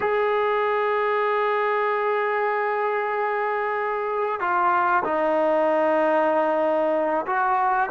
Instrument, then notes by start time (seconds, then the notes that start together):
trombone
0.00 G#4
4.40 F4
5.04 D#4
7.26 F#4